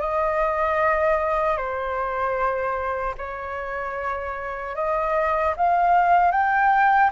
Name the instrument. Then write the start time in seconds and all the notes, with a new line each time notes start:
flute
0.00 D#5
1.56 C5
3.18 C#5
4.75 D#5
5.56 F5
6.31 G5